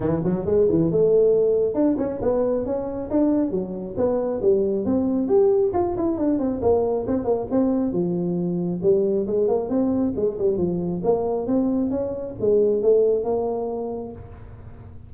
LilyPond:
\new Staff \with { instrumentName = "tuba" } { \time 4/4 \tempo 4 = 136 e8 fis8 gis8 e8 a2 | d'8 cis'8 b4 cis'4 d'4 | fis4 b4 g4 c'4 | g'4 f'8 e'8 d'8 c'8 ais4 |
c'8 ais8 c'4 f2 | g4 gis8 ais8 c'4 gis8 g8 | f4 ais4 c'4 cis'4 | gis4 a4 ais2 | }